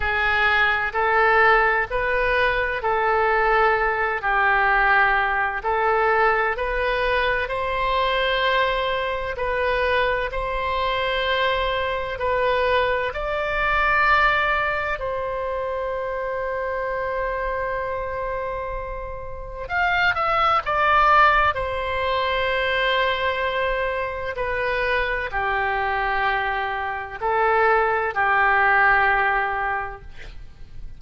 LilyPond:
\new Staff \with { instrumentName = "oboe" } { \time 4/4 \tempo 4 = 64 gis'4 a'4 b'4 a'4~ | a'8 g'4. a'4 b'4 | c''2 b'4 c''4~ | c''4 b'4 d''2 |
c''1~ | c''4 f''8 e''8 d''4 c''4~ | c''2 b'4 g'4~ | g'4 a'4 g'2 | }